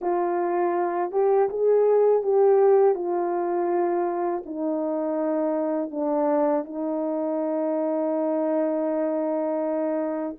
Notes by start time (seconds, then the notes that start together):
0.01 F4
1.11 G4
1.48 G#4
2.23 G4
2.95 F4
4.45 D#4
5.90 D4
6.64 D#4